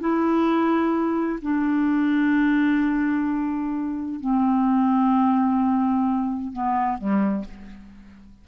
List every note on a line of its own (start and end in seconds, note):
0.00 1.40 E4
1.42 4.21 D4
4.21 6.53 C4
6.53 6.99 B3
6.99 7.45 G3